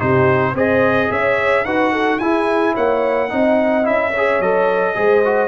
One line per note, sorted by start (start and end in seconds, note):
0.00 0.54 C3
0.00 0.55 D#4
0.00 0.53 G4
0.00 0.56 C5
0.53 1.09 C4
0.53 1.66 G#4
0.53 1.08 C5
0.53 1.12 D#5
1.11 1.65 C#4
1.11 1.67 C#5
1.11 1.65 E5
1.65 2.20 D#4
1.65 2.21 F#4
1.65 1.92 B4
1.65 2.19 F#5
1.92 2.20 A4
2.19 2.75 E4
2.19 3.29 E4
2.19 2.74 G#4
2.19 2.75 G#5
2.74 3.32 A#3
2.74 3.29 C#5
2.74 3.87 F#5
3.29 3.88 C4
3.29 3.83 D#4
3.29 4.12 D#5
3.83 4.40 C#4
3.83 4.11 E4
3.83 4.42 E5
4.12 4.43 G#4
4.12 4.95 C#5
4.40 4.95 F#3
4.40 4.95 A4
4.40 5.49 D#5
4.95 5.49 G#3
4.95 5.22 G#4
4.95 5.49 C5
5.25 5.49 F#4